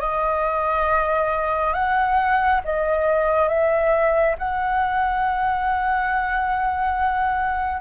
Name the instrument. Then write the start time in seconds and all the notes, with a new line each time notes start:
flute
0.00 D#5
1.74 F#5
2.64 D#5
3.48 E5
4.38 F#5